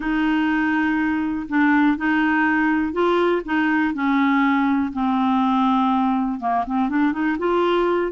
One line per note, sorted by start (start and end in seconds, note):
0.00 1.46 D#4
1.48 1.97 D4
1.97 2.92 D#4
2.92 3.42 F4
3.45 3.93 D#4
3.93 4.92 C#4
4.92 6.40 C4
6.40 6.64 A#3
6.66 6.89 C4
6.89 7.12 D4
7.12 7.37 D#4
7.38 8.12 F4